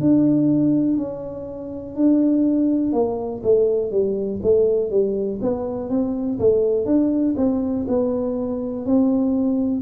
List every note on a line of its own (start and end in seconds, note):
0.00 0.97 D4
0.97 1.95 C#4
1.95 2.92 D4
2.92 3.41 A#3
3.43 3.91 A3
3.91 4.40 G3
4.42 4.90 A3
4.90 5.39 G3
5.41 5.90 B3
5.90 6.39 C4
6.39 6.85 A3
6.85 7.35 D4
7.37 7.86 C4
7.88 8.85 B3
8.85 9.81 C4